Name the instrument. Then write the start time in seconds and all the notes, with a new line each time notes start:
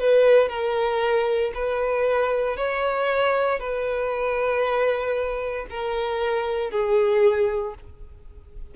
violin
0.00 B4
0.49 A#4
1.54 B4
2.57 C#5
3.60 B4
5.70 A#4
6.71 G#4